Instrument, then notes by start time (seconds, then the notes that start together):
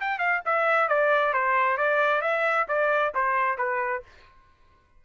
trumpet
0.00 G5
0.18 F5
0.45 E5
0.88 D5
1.33 C5
1.77 D5
2.21 E5
2.68 D5
3.14 C5
3.58 B4